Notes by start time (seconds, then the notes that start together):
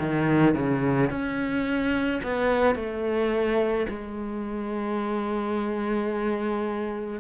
0.00 D#3
0.55 C#3
1.11 C#4
2.23 B3
2.76 A3
3.89 G#3